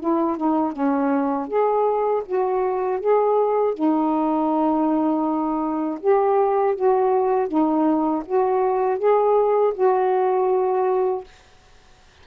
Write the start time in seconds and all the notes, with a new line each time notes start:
0.00 E4
0.37 D#4
0.73 C#4
1.48 G#4
2.25 F#4
3.00 G#4
3.74 D#4
6.00 G4
6.75 F#4
7.48 D#4
8.25 F#4
8.98 G#4
9.74 F#4